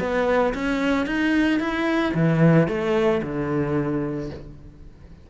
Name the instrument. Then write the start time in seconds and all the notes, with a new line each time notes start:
cello
0.00 B3
0.55 C#4
1.06 D#4
1.60 E4
2.15 E3
2.68 A3
3.23 D3